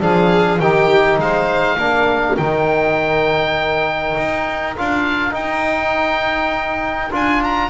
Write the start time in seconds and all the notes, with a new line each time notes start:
0.00 F3 D4 G#4 F5
0.60 D#3 D#4 G4 G5
1.18 G#3 C5 F5
1.78 A#3 D4 A#4
2.37 D#3 D#4 G5
4.17 D#4
4.77 D4 F4 F5
5.32 D#4 G5
7.12 D4 F4 G#5
7.44 A#5